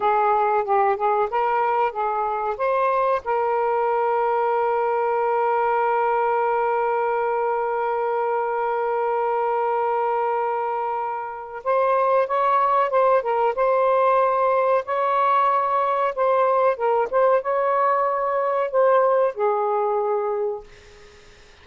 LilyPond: \new Staff \with { instrumentName = "saxophone" } { \time 4/4 \tempo 4 = 93 gis'4 g'8 gis'8 ais'4 gis'4 | c''4 ais'2.~ | ais'1~ | ais'1~ |
ais'2 c''4 cis''4 | c''8 ais'8 c''2 cis''4~ | cis''4 c''4 ais'8 c''8 cis''4~ | cis''4 c''4 gis'2 | }